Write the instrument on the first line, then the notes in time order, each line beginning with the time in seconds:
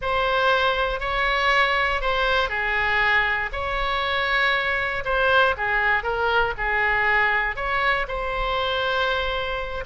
oboe
0.01 C5
1.00 C#5
2.01 C5
2.49 G#4
3.52 C#5
5.04 C5
5.57 G#4
6.03 A#4
6.57 G#4
7.56 C#5
8.08 C5